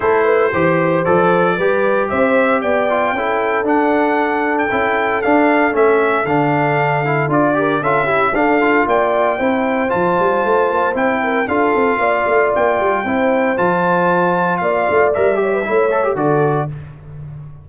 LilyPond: <<
  \new Staff \with { instrumentName = "trumpet" } { \time 4/4 \tempo 4 = 115 c''2 d''2 | e''4 g''2 fis''4~ | fis''8. g''4~ g''16 f''4 e''4 | f''2 d''4 e''4 |
f''4 g''2 a''4~ | a''4 g''4 f''2 | g''2 a''2 | f''4 e''2 d''4 | }
  \new Staff \with { instrumentName = "horn" } { \time 4/4 a'8 b'8 c''2 b'4 | c''4 d''4 a'2~ | a'1~ | a'2~ a'8 ais'8 a'8 g'8 |
a'4 d''4 c''2~ | c''4. ais'8 a'4 d''4~ | d''4 c''2. | d''4. cis''16 b'16 cis''4 a'4 | }
  \new Staff \with { instrumentName = "trombone" } { \time 4/4 e'4 g'4 a'4 g'4~ | g'4. f'8 e'4 d'4~ | d'4 e'4 d'4 cis'4 | d'4. e'8 f'8 g'8 f'8 e'8 |
d'8 f'4. e'4 f'4~ | f'4 e'4 f'2~ | f'4 e'4 f'2~ | f'4 ais'8 g'8 e'8 a'16 g'16 fis'4 | }
  \new Staff \with { instrumentName = "tuba" } { \time 4/4 a4 e4 f4 g4 | c'4 b4 cis'4 d'4~ | d'4 cis'4 d'4 a4 | d2 d'4 cis'4 |
d'4 ais4 c'4 f8 g8 | a8 ais8 c'4 d'8 c'8 ais8 a8 | ais8 g8 c'4 f2 | ais8 a8 g4 a4 d4 | }
>>